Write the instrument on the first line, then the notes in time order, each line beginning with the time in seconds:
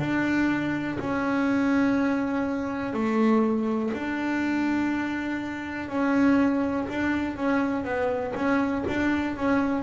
double bass
0.00 D4
1.00 C#4
2.93 A3
3.94 D4
5.89 C#4
6.89 D4
7.37 C#4
7.85 B3
8.36 C#4
8.88 D4
9.37 C#4